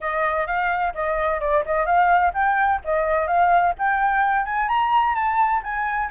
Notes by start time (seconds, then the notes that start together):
0.00 D#5
0.46 F5
0.94 D#5
1.40 D5
1.65 D#5
1.86 F5
2.33 G5
2.84 D#5
3.27 F5
3.78 G5
4.45 G#5
4.68 A#5
5.15 A5
5.63 G#5